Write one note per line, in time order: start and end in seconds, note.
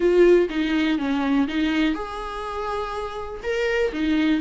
0.00 0.48 F4
0.49 0.98 D#4
0.98 1.47 C#4
1.47 1.94 D#4
1.94 3.40 G#4
3.43 3.92 A#4
3.92 4.40 D#4